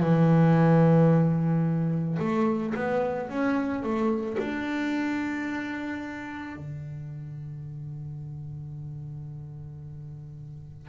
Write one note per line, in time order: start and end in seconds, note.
0.00 2.18 E3
2.19 2.74 A3
2.75 3.29 B3
3.29 3.83 C#4
3.83 4.37 A3
4.38 6.56 D4
6.56 10.88 D3